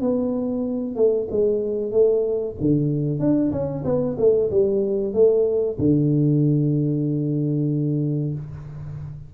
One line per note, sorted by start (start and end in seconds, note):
0.00 0.95 B3
0.95 1.27 A3
1.30 1.91 G#3
1.91 2.55 A3
2.60 3.19 D3
3.19 3.51 D4
3.51 3.83 C#4
3.84 4.16 B3
4.18 4.50 A3
4.50 5.13 G3
5.13 5.77 A3
5.78 8.33 D3